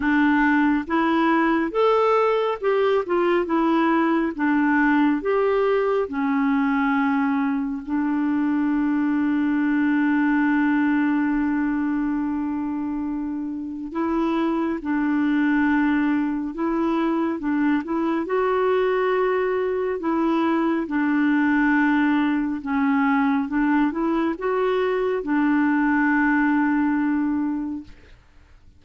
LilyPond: \new Staff \with { instrumentName = "clarinet" } { \time 4/4 \tempo 4 = 69 d'4 e'4 a'4 g'8 f'8 | e'4 d'4 g'4 cis'4~ | cis'4 d'2.~ | d'1 |
e'4 d'2 e'4 | d'8 e'8 fis'2 e'4 | d'2 cis'4 d'8 e'8 | fis'4 d'2. | }